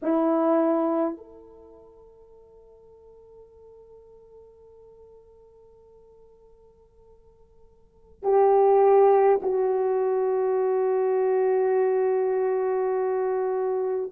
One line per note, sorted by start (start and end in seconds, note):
0.02 1.17 E4
1.17 8.22 A4
8.22 9.40 G4
9.42 14.11 F#4